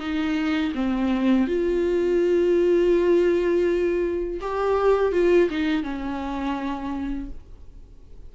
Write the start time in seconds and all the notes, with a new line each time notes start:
0.00 D#4
0.75 C4
1.48 F4
4.42 G4
5.13 F4
5.50 D#4
5.83 C#4